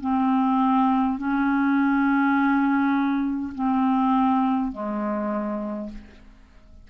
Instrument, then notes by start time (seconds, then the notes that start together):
clarinet
0.00 C4
1.18 C#4
3.54 C4
4.72 G#3